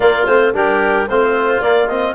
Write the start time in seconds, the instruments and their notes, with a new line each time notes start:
0.00 tuba A#3, trombone A#3, oboe F4, clarinet D5
0.25 tuba A3, trombone C4, clarinet C5
0.53 tuba G3, trombone D4, oboe G4, clarinet A#4
1.07 tuba A3, trombone C4, oboe F4, clarinet C5
1.60 tuba A#3, trombone A#3, clarinet D5
1.87 trombone C4, clarinet D#5